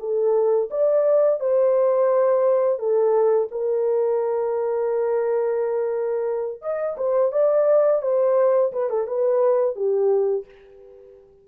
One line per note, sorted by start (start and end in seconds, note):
0.00 0.70 A4
0.71 1.40 D5
1.40 2.79 C5
2.79 3.49 A4
3.52 6.62 A#4
6.62 6.97 D#5
6.98 7.33 C5
7.33 8.02 D5
8.03 8.72 C5
8.73 8.90 B4
8.90 9.08 A4
9.08 9.76 B4
9.76 10.46 G4